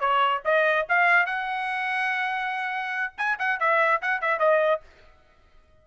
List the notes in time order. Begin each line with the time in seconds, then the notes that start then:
0.00 C#5
0.45 D#5
0.89 F5
1.26 F#5
3.17 G#5
3.38 F#5
3.59 E5
4.02 F#5
4.21 E5
4.39 D#5